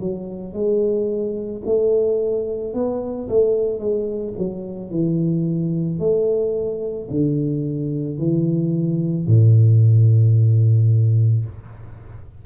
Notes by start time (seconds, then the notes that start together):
0.00 F#3
0.53 G#3
1.65 A3
2.74 B3
3.29 A3
3.79 G#3
4.38 F#3
4.90 E3
6.00 A3
7.11 D3
8.19 E3
9.27 A2